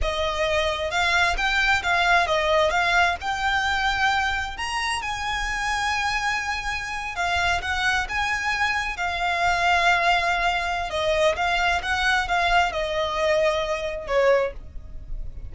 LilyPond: \new Staff \with { instrumentName = "violin" } { \time 4/4 \tempo 4 = 132 dis''2 f''4 g''4 | f''4 dis''4 f''4 g''4~ | g''2 ais''4 gis''4~ | gis''2.~ gis''8. f''16~ |
f''8. fis''4 gis''2 f''16~ | f''1 | dis''4 f''4 fis''4 f''4 | dis''2. cis''4 | }